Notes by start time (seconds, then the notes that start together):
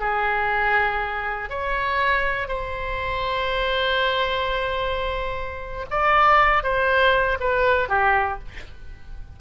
0.00 G#4
1.50 C#5
2.48 C5
5.91 D5
6.63 C5
7.40 B4
7.89 G4